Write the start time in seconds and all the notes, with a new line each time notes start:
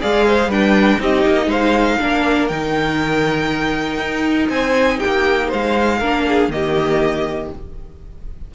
0.00 G#3 G#4 D5 F5
0.26 C5
0.47 G3 D4 B4 G5
0.99 C4 D#4 G4 D#5
1.27 A#3
1.46 G#3 C5 F5
1.99 A#3 D4 A#4
2.48 D#3 D#4 G5
3.98 D#4
4.49 C4 C5 G#5
4.98 G4 G5
5.05 A#3
5.47 G#3 C5 F5
5.99 A#3 D4 A#4
6.27 G#4
6.48 D#3 A#3 D#5
6.54 G4